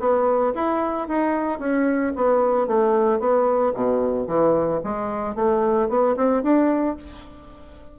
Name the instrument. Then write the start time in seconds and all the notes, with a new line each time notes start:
bassoon
0.00 B3
0.56 E4
1.08 D#4
1.59 C#4
2.16 B3
2.68 A3
3.20 B3
3.74 B2
4.28 E3
4.84 G#3
5.36 A3
5.89 B3
6.17 C4
6.43 D4